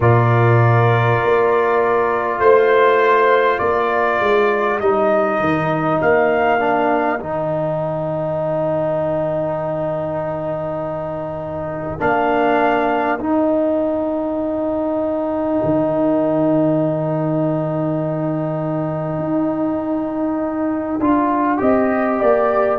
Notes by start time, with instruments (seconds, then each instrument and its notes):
0.00 tuba A#2, trombone F4, horn A#4, trumpet D5
1.23 tuba A#3
2.39 tuba A3, trumpet C5, horn C5
3.58 tuba A#3, horn A#4, trumpet D5
4.20 tuba G#3
4.79 tuba G3, trombone D#4, trumpet D#5
5.40 tuba D#3
6.01 tuba A#3, trumpet F5
6.59 trombone D4
7.20 tuba D#3, trombone D#4, trumpet G5
11.98 tuba A#3, trombone D4, trumpet F5
13.19 tuba D#4, trombone D#4, trumpet G5
15.63 tuba D#3
19.18 tuba D#4
20.99 tuba D4, trombone F4
21.57 tuba C4, trombone G4, horn D#5
22.19 tuba A#3, horn D5